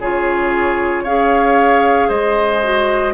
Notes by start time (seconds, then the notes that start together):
0.00 C#3 F4 G#4 C#5
1.04 C#4 G#4 C#5 F5
2.08 G#3 C5 D#5
2.63 F#4